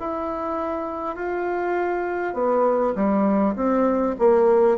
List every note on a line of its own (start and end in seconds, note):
0.00 1.16 E4
1.16 2.34 F4
2.34 2.94 B3
2.96 3.56 G3
3.56 4.16 C4
4.19 4.78 A#3